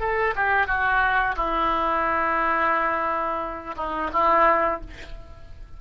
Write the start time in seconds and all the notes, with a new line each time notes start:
0.00 A4
0.36 G4
0.67 F#4
1.37 E4
3.76 D#4
4.13 E4